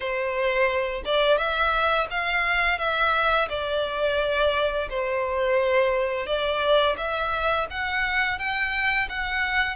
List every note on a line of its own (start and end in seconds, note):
0.00 1.02 C5
1.05 1.37 D5
1.37 2.07 E5
2.10 2.78 F5
2.78 3.48 E5
3.49 4.88 D5
4.89 6.26 C5
6.26 6.96 D5
6.97 7.66 E5
7.70 8.38 F#5
8.38 9.08 G5
9.09 9.76 F#5